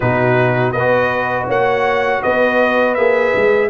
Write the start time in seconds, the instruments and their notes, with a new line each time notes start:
0.00 tuba B2, trombone D#4, horn F#4, trumpet B4
0.71 tuba B3, horn B4, trumpet D#5
0.79 trombone F#4
1.46 tuba A#3, horn C#5, trumpet F#5
2.22 tuba B3, horn B4, trumpet D#5
2.94 tuba A#3, trombone G#4, trumpet E5
3.35 tuba G#3